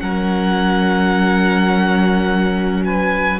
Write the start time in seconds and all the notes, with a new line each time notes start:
0.00 F#3 C#4 A#4 F#5
2.85 B4 G#5